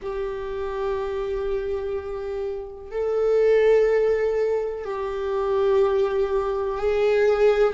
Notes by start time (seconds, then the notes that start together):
0.02 G4
2.91 A4
4.84 G4
6.78 G#4